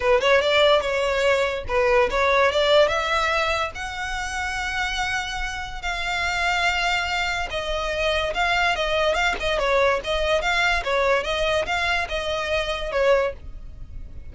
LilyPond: \new Staff \with { instrumentName = "violin" } { \time 4/4 \tempo 4 = 144 b'8 cis''8 d''4 cis''2 | b'4 cis''4 d''4 e''4~ | e''4 fis''2.~ | fis''2 f''2~ |
f''2 dis''2 | f''4 dis''4 f''8 dis''8 cis''4 | dis''4 f''4 cis''4 dis''4 | f''4 dis''2 cis''4 | }